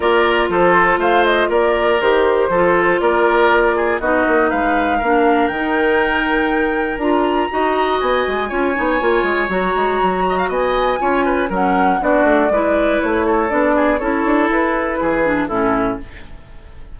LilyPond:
<<
  \new Staff \with { instrumentName = "flute" } { \time 4/4 \tempo 4 = 120 d''4 c''4 f''8 dis''8 d''4 | c''2 d''2 | dis''4 f''2 g''4~ | g''2 ais''2 |
gis''2. ais''4~ | ais''4 gis''2 fis''4 | d''2 cis''4 d''4 | cis''4 b'2 a'4 | }
  \new Staff \with { instrumentName = "oboe" } { \time 4/4 ais'4 a'4 c''4 ais'4~ | ais'4 a'4 ais'4. gis'8 | fis'4 b'4 ais'2~ | ais'2. dis''4~ |
dis''4 cis''2.~ | cis''8 dis''16 f''16 dis''4 cis''8 b'8 ais'4 | fis'4 b'4. a'4 gis'8 | a'2 gis'4 e'4 | }
  \new Staff \with { instrumentName = "clarinet" } { \time 4/4 f'1 | g'4 f'2. | dis'2 d'4 dis'4~ | dis'2 f'4 fis'4~ |
fis'4 f'8 dis'8 f'4 fis'4~ | fis'2 f'4 cis'4 | d'4 e'2 d'4 | e'2~ e'8 d'8 cis'4 | }
  \new Staff \with { instrumentName = "bassoon" } { \time 4/4 ais4 f4 a4 ais4 | dis4 f4 ais2 | b8 ais8 gis4 ais4 dis4~ | dis2 d'4 dis'4 |
b8 gis8 cis'8 b8 ais8 gis8 fis8 gis8 | fis4 b4 cis'4 fis4 | b8 a8 gis4 a4 b4 | cis'8 d'8 e'4 e4 a,4 | }
>>